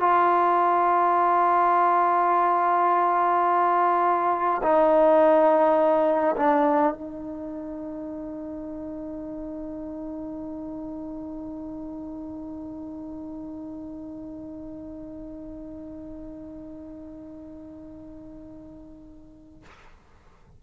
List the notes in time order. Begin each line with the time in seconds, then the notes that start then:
0.00 F4
4.63 D#4
6.36 D4
6.93 D#4